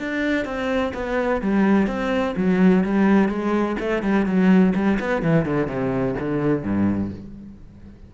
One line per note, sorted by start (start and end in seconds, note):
0.00 0.45 D4
0.45 0.93 C4
0.94 1.42 B3
1.42 1.87 G3
1.87 2.35 C4
2.37 2.84 F#3
2.84 3.29 G3
3.29 3.77 G#3
3.80 4.03 A3
4.03 4.26 G3
4.26 4.74 F#3
4.75 4.99 G3
5.00 5.23 B3
5.23 5.46 E3
5.46 5.68 D3
5.68 6.16 C3
6.20 6.64 D3
6.64 7.11 G2